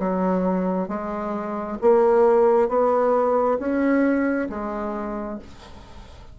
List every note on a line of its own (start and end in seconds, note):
0.00 0.89 F#3
0.89 1.78 G#3
1.82 2.69 A#3
2.69 3.58 B3
3.59 4.49 C#4
4.50 5.39 G#3